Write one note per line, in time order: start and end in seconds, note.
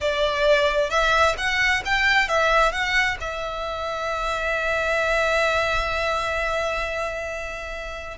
0.00 0.90 D5
0.90 1.35 E5
1.37 1.83 F#5
1.85 2.28 G5
2.28 2.71 E5
2.71 3.17 F#5
3.20 8.17 E5